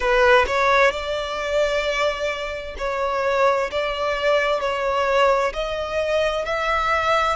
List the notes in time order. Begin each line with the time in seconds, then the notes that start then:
0.00 B4
0.46 C#5
0.91 D5
2.77 C#5
3.71 D5
4.60 C#5
5.53 D#5
6.45 E5